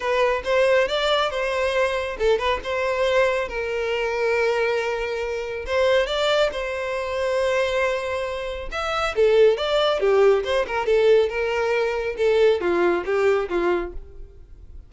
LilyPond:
\new Staff \with { instrumentName = "violin" } { \time 4/4 \tempo 4 = 138 b'4 c''4 d''4 c''4~ | c''4 a'8 b'8 c''2 | ais'1~ | ais'4 c''4 d''4 c''4~ |
c''1 | e''4 a'4 d''4 g'4 | c''8 ais'8 a'4 ais'2 | a'4 f'4 g'4 f'4 | }